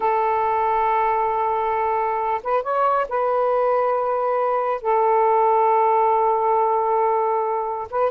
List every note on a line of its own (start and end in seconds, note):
0.00 2.41 A4
2.43 2.62 B4
2.62 3.06 C#5
3.08 4.81 B4
4.81 7.88 A4
7.90 8.11 B4